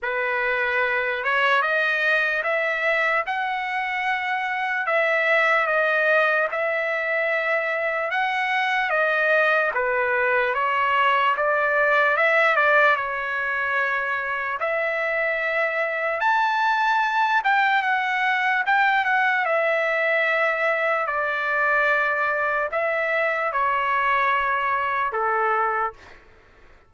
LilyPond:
\new Staff \with { instrumentName = "trumpet" } { \time 4/4 \tempo 4 = 74 b'4. cis''8 dis''4 e''4 | fis''2 e''4 dis''4 | e''2 fis''4 dis''4 | b'4 cis''4 d''4 e''8 d''8 |
cis''2 e''2 | a''4. g''8 fis''4 g''8 fis''8 | e''2 d''2 | e''4 cis''2 a'4 | }